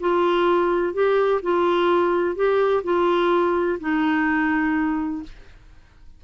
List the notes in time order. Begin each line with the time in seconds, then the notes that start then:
0.00 F4
0.94 G4
1.42 F4
2.36 G4
2.84 F4
3.80 D#4